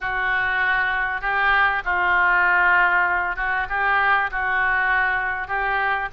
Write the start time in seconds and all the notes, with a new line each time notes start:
0.00 F#4
1.21 G4
1.85 F4
3.36 F#4
3.69 G4
4.31 F#4
5.47 G4